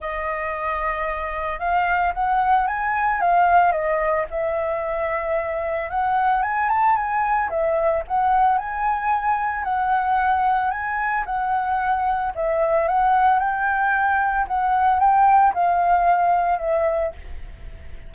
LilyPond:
\new Staff \with { instrumentName = "flute" } { \time 4/4 \tempo 4 = 112 dis''2. f''4 | fis''4 gis''4 f''4 dis''4 | e''2. fis''4 | gis''8 a''8 gis''4 e''4 fis''4 |
gis''2 fis''2 | gis''4 fis''2 e''4 | fis''4 g''2 fis''4 | g''4 f''2 e''4 | }